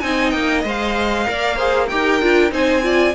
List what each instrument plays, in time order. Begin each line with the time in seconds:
0.00 cello C4, viola D#4, violin D#5 G#5
0.30 cello A#3, violin G5
0.64 cello G#3, viola C5, violin F5
1.25 cello A#3, viola A#4, violin D5
1.56 viola G#4, violin C5
1.88 cello D#4, viola G4, violin A#4 G5
2.21 cello D4, viola F4
2.51 cello C4, viola D#4, violin C5 G#5
2.82 viola F4, violin D5